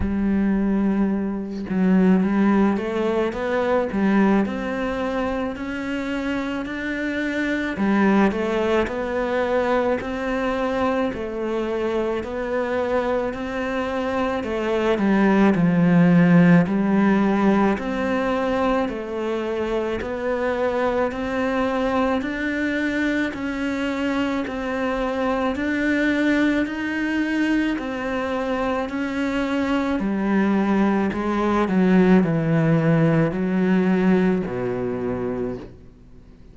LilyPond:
\new Staff \with { instrumentName = "cello" } { \time 4/4 \tempo 4 = 54 g4. fis8 g8 a8 b8 g8 | c'4 cis'4 d'4 g8 a8 | b4 c'4 a4 b4 | c'4 a8 g8 f4 g4 |
c'4 a4 b4 c'4 | d'4 cis'4 c'4 d'4 | dis'4 c'4 cis'4 g4 | gis8 fis8 e4 fis4 b,4 | }